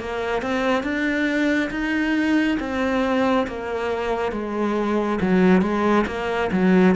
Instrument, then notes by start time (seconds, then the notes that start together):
cello
0.00 A#3
0.42 C4
0.83 D4
1.71 D#4
2.60 C4
3.47 A#3
4.32 G#3
5.22 F#3
5.62 G#3
6.07 A#3
6.52 F#3